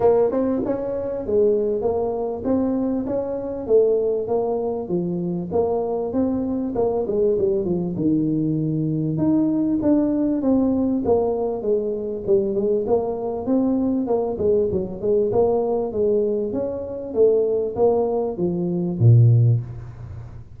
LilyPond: \new Staff \with { instrumentName = "tuba" } { \time 4/4 \tempo 4 = 98 ais8 c'8 cis'4 gis4 ais4 | c'4 cis'4 a4 ais4 | f4 ais4 c'4 ais8 gis8 | g8 f8 dis2 dis'4 |
d'4 c'4 ais4 gis4 | g8 gis8 ais4 c'4 ais8 gis8 | fis8 gis8 ais4 gis4 cis'4 | a4 ais4 f4 ais,4 | }